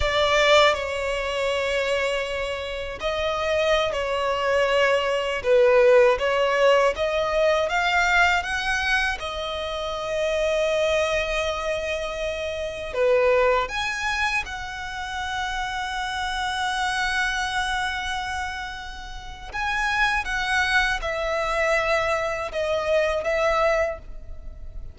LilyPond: \new Staff \with { instrumentName = "violin" } { \time 4/4 \tempo 4 = 80 d''4 cis''2. | dis''4~ dis''16 cis''2 b'8.~ | b'16 cis''4 dis''4 f''4 fis''8.~ | fis''16 dis''2.~ dis''8.~ |
dis''4~ dis''16 b'4 gis''4 fis''8.~ | fis''1~ | fis''2 gis''4 fis''4 | e''2 dis''4 e''4 | }